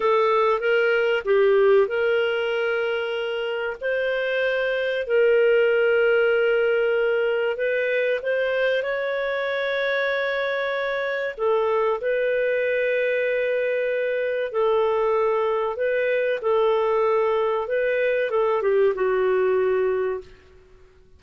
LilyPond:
\new Staff \with { instrumentName = "clarinet" } { \time 4/4 \tempo 4 = 95 a'4 ais'4 g'4 ais'4~ | ais'2 c''2 | ais'1 | b'4 c''4 cis''2~ |
cis''2 a'4 b'4~ | b'2. a'4~ | a'4 b'4 a'2 | b'4 a'8 g'8 fis'2 | }